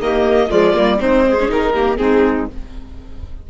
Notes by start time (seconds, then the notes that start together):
0.00 D#3 A#3 G4 D#5
0.48 F3 G#3 F4 D5
0.74 G3 A#3
0.98 G#3 C4 D#4 C5
1.28 G#4
1.40 C#4
1.49 D#3 D#4 A#4
1.72 A#3 G4
1.97 G#3 C4 D#4 G#4